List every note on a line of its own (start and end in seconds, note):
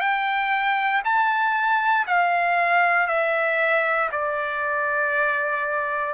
0.00 1.02 G5
1.04 2.06 A5
2.07 3.07 F5
3.07 4.09 E5
4.11 6.14 D5